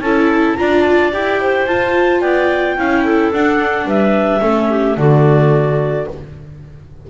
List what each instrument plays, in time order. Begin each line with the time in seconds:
0.00 double bass C#4, viola E4, clarinet A4 A5
0.56 double bass D4, viola F4, clarinet D5 A#5
0.82 clarinet A5
1.12 double bass E4, viola G4, clarinet G5
1.41 clarinet C5
1.67 double bass F4, viola F4, clarinet A5
2.21 double bass B3, clarinet D5 G5
2.77 double bass C#4, viola E4, clarinet F5
3.04 clarinet A4
3.33 double bass D4, viola D4, clarinet F#5
3.85 double bass G3, clarinet B4 E5
4.41 double bass A3, viola C#4, clarinet A4
4.70 clarinet G4
4.97 double bass D3, viola A3, clarinet F#4 D5